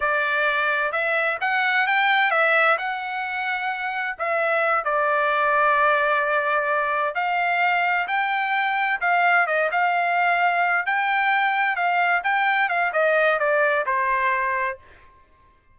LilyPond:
\new Staff \with { instrumentName = "trumpet" } { \time 4/4 \tempo 4 = 130 d''2 e''4 fis''4 | g''4 e''4 fis''2~ | fis''4 e''4. d''4.~ | d''2.~ d''8 f''8~ |
f''4. g''2 f''8~ | f''8 dis''8 f''2~ f''8 g''8~ | g''4. f''4 g''4 f''8 | dis''4 d''4 c''2 | }